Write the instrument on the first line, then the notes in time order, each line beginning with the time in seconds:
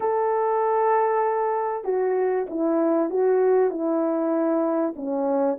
horn
0.00 A4
1.84 F#4
2.49 E4
3.09 F#4
3.70 E4
4.96 C#4